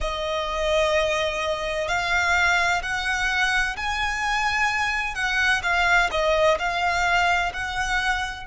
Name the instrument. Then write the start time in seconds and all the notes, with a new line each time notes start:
violin
0.00 D#5
1.87 F5
2.82 F#5
3.76 G#5
5.14 F#5
5.62 F5
6.11 D#5
6.58 F5
7.53 F#5